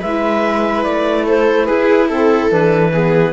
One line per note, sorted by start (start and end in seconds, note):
0.00 0.86 G#3
0.00 2.09 E4
0.00 1.25 B4
0.00 0.84 E5
0.84 1.69 A3
0.84 1.26 D5
1.27 1.67 A4
1.27 1.66 C5
1.66 2.52 E4
1.66 2.08 G#4
1.66 2.08 B4
2.09 2.49 C4
2.09 2.92 A4
2.09 2.52 A4
2.49 3.33 E3
2.49 2.91 D4
2.49 3.33 B4
2.92 3.33 B3
2.92 3.33 G#4